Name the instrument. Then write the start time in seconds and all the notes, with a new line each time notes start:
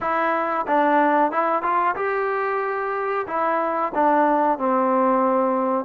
trombone
0.01 E4
0.67 D4
1.31 E4
1.62 F4
1.95 G4
3.27 E4
3.94 D4
4.58 C4